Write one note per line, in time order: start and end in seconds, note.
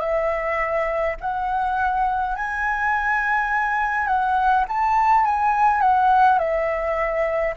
0.00 1.15 E5
1.21 2.35 F#5
2.35 4.07 G#5
4.07 4.65 F#5
4.68 5.25 A5
5.25 5.81 G#5
5.81 6.38 F#5
6.38 7.54 E5